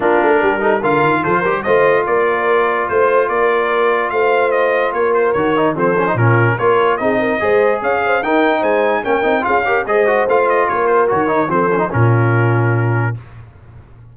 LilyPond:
<<
  \new Staff \with { instrumentName = "trumpet" } { \time 4/4 \tempo 4 = 146 ais'2 f''4 c''4 | dis''4 d''2 c''4 | d''2 f''4 dis''4 | cis''8 c''8 cis''4 c''4 ais'4 |
cis''4 dis''2 f''4 | g''4 gis''4 g''4 f''4 | dis''4 f''8 dis''8 cis''8 c''8 cis''4 | c''4 ais'2. | }
  \new Staff \with { instrumentName = "horn" } { \time 4/4 f'4 g'8 a'8 ais'4 a'8 ais'8 | c''4 ais'2 c''4 | ais'2 c''2 | ais'2 a'4 f'4 |
ais'4 gis'8 ais'8 c''4 cis''8 c''8 | ais'4 c''4 ais'4 gis'8 ais'8 | c''2 ais'2 | a'4 f'2. | }
  \new Staff \with { instrumentName = "trombone" } { \time 4/4 d'4. dis'8 f'4. g'8 | f'1~ | f'1~ | f'4 fis'8 dis'8 c'8 cis'16 dis'16 cis'4 |
f'4 dis'4 gis'2 | dis'2 cis'8 dis'8 f'8 g'8 | gis'8 fis'8 f'2 fis'8 dis'8 | c'8 cis'16 dis'16 cis'2. | }
  \new Staff \with { instrumentName = "tuba" } { \time 4/4 ais8 a8 g4 d8 dis8 f8 g8 | a4 ais2 a4 | ais2 a2 | ais4 dis4 f4 ais,4 |
ais4 c'4 gis4 cis'4 | dis'4 gis4 ais8 c'8 cis'4 | gis4 a4 ais4 dis4 | f4 ais,2. | }
>>